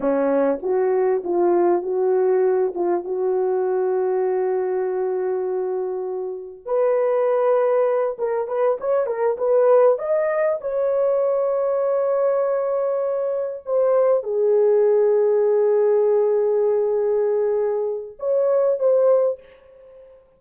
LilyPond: \new Staff \with { instrumentName = "horn" } { \time 4/4 \tempo 4 = 99 cis'4 fis'4 f'4 fis'4~ | fis'8 f'8 fis'2.~ | fis'2. b'4~ | b'4. ais'8 b'8 cis''8 ais'8 b'8~ |
b'8 dis''4 cis''2~ cis''8~ | cis''2~ cis''8 c''4 gis'8~ | gis'1~ | gis'2 cis''4 c''4 | }